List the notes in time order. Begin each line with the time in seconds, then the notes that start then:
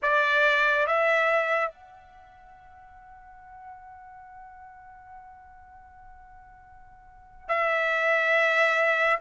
0.02 D5
0.86 E5
1.71 F#5
7.48 E5